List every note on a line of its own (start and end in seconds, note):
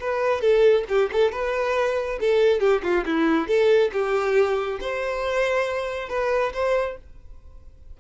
0.00 0.41 B4
0.41 0.84 A4
0.89 1.10 G4
1.12 1.32 A4
1.32 2.19 B4
2.20 2.60 A4
2.60 2.82 G4
2.83 3.05 F4
3.06 3.48 E4
3.48 3.91 A4
3.92 4.79 G4
4.80 6.09 C5
6.09 6.52 B4
6.53 6.97 C5